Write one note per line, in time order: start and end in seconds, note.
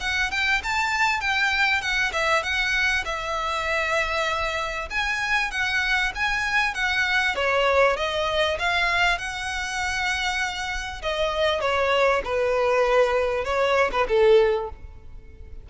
0.00 0.31 F#5
0.31 0.62 G5
0.63 1.20 A5
1.20 1.81 G5
1.81 2.12 F#5
2.12 2.43 E5
2.43 3.04 F#5
3.05 4.88 E5
4.90 5.51 G#5
5.51 6.12 F#5
6.15 6.74 G#5
6.74 7.35 F#5
7.35 7.96 C#5
7.96 8.57 D#5
8.59 9.18 F5
9.18 11.02 F#5
11.02 11.60 D#5
11.60 12.21 C#5
12.24 13.44 B4
13.44 13.90 C#5
13.91 14.07 B4
14.08 14.69 A4